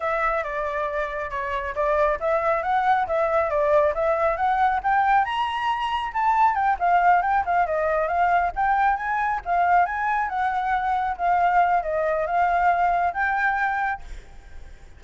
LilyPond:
\new Staff \with { instrumentName = "flute" } { \time 4/4 \tempo 4 = 137 e''4 d''2 cis''4 | d''4 e''4 fis''4 e''4 | d''4 e''4 fis''4 g''4 | ais''2 a''4 g''8 f''8~ |
f''8 g''8 f''8 dis''4 f''4 g''8~ | g''8 gis''4 f''4 gis''4 fis''8~ | fis''4. f''4. dis''4 | f''2 g''2 | }